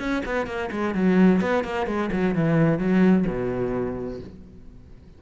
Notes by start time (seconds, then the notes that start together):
0.00 C#4
0.26 B3
0.47 A#3
0.72 G#3
0.95 F#3
1.42 B3
1.65 A#3
1.87 G#3
2.12 F#3
2.36 E3
2.79 F#3
3.27 B2